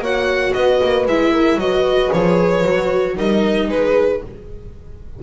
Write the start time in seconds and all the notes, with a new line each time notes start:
0.00 A#3 F#4 C#5 F#5
0.53 B3 B4 D#5
0.83 A#3
1.06 G#3 E4 E5
1.33 A#4
1.56 F#3 F#4 B4 D#5
2.12 F3 G#4 C#5
2.64 F#3 F#4
3.16 G3 D#4 A#4 D#5
3.69 G#3 G#4 B4